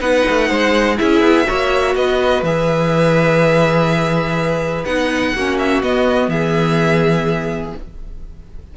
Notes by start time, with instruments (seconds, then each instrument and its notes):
0.00 cello B3, viola D#4, violin B4 F#5
0.30 cello A3
0.49 cello G#3, violin C5
0.98 cello C#4, viola E4, violin G#4 E5
1.21 cello B3
1.47 cello A#3, viola F#4, violin C#5
1.95 cello B3, violin B4 D#5
2.43 cello E3, viola G#4, violin E5
4.85 cello B3, viola D#4, violin F#5
5.35 cello A#3, viola C#4, violin F#4
5.58 violin E5
5.83 cello B3, viola B3, violin D#5
6.28 cello E3, violin G#4 E5